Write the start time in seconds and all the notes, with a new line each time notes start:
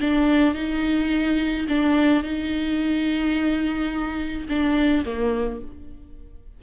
0.00 D4
0.54 D#4
1.68 D4
2.23 D#4
4.48 D4
5.05 A#3